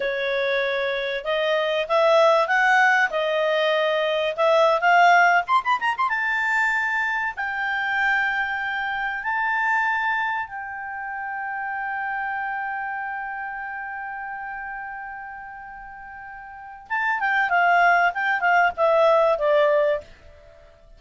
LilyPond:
\new Staff \with { instrumentName = "clarinet" } { \time 4/4 \tempo 4 = 96 cis''2 dis''4 e''4 | fis''4 dis''2 e''8. f''16~ | f''8. c'''16 b''16 ais''16 c'''16 a''2 g''16~ | g''2~ g''8. a''4~ a''16~ |
a''8. g''2.~ g''16~ | g''1~ | g''2. a''8 g''8 | f''4 g''8 f''8 e''4 d''4 | }